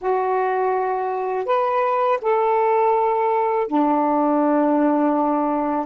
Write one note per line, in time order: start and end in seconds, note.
0.01 1.45 F#4
1.45 2.18 B4
2.22 3.68 A4
3.68 5.86 D4